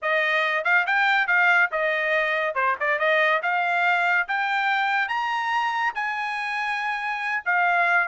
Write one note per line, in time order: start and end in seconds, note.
0.02 0.64 D#5
0.64 0.85 F5
0.86 1.27 G5
1.27 1.69 F5
1.71 2.54 D#5
2.54 2.75 C5
2.79 2.98 D5
2.98 3.41 D#5
3.42 4.27 F5
4.28 5.08 G5
5.08 5.93 A#5
5.94 7.43 G#5
7.45 8.08 F5